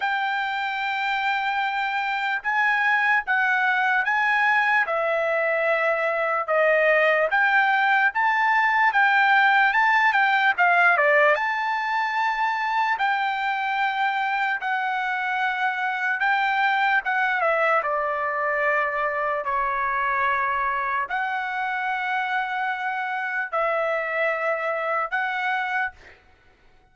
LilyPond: \new Staff \with { instrumentName = "trumpet" } { \time 4/4 \tempo 4 = 74 g''2. gis''4 | fis''4 gis''4 e''2 | dis''4 g''4 a''4 g''4 | a''8 g''8 f''8 d''8 a''2 |
g''2 fis''2 | g''4 fis''8 e''8 d''2 | cis''2 fis''2~ | fis''4 e''2 fis''4 | }